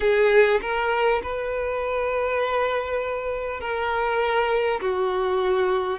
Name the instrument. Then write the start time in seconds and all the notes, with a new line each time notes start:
violin
0.00 G#4
0.61 A#4
1.23 B4
3.60 A#4
4.81 F#4